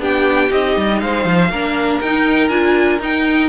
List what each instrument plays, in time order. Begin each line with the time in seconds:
0.00 cello B3, viola D4, violin G4 G5
0.50 cello C4, viola D#4, violin D#5
0.77 cello G3
1.01 cello G#3, violin C5 F5
1.25 cello F3
1.50 cello A#3, viola D4, violin A#4
2.02 cello D#4, viola D#4, violin G5
2.49 cello D4, viola F4, violin G#5
2.99 cello D#4, viola D#4, violin G5